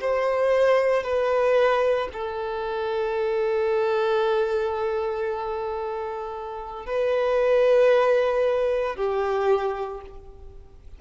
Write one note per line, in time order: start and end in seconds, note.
0.00 1.03 C5
1.03 2.08 B4
2.12 6.86 A4
6.86 8.96 B4
8.96 10.01 G4